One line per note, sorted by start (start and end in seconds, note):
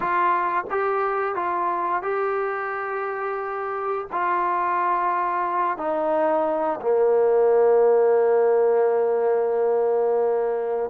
0.00 0.64 F4
0.70 1.35 G4
1.35 2.02 F4
2.02 4.07 G4
4.12 5.77 F4
5.77 6.80 D#4
6.81 10.90 A#3